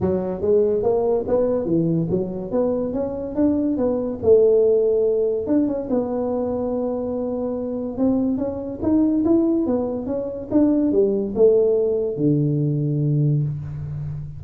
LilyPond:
\new Staff \with { instrumentName = "tuba" } { \time 4/4 \tempo 4 = 143 fis4 gis4 ais4 b4 | e4 fis4 b4 cis'4 | d'4 b4 a2~ | a4 d'8 cis'8 b2~ |
b2. c'4 | cis'4 dis'4 e'4 b4 | cis'4 d'4 g4 a4~ | a4 d2. | }